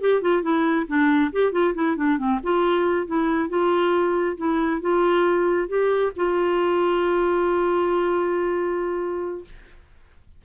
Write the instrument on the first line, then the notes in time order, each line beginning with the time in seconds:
clarinet
0.00 G4
0.21 F4
0.42 E4
0.87 D4
1.32 G4
1.52 F4
1.74 E4
1.96 D4
2.18 C4
2.43 F4
3.07 E4
3.49 F4
4.37 E4
4.81 F4
5.68 G4
6.16 F4